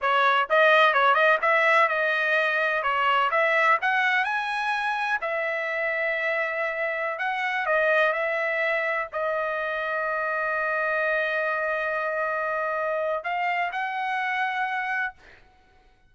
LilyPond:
\new Staff \with { instrumentName = "trumpet" } { \time 4/4 \tempo 4 = 127 cis''4 dis''4 cis''8 dis''8 e''4 | dis''2 cis''4 e''4 | fis''4 gis''2 e''4~ | e''2.~ e''16 fis''8.~ |
fis''16 dis''4 e''2 dis''8.~ | dis''1~ | dis''1 | f''4 fis''2. | }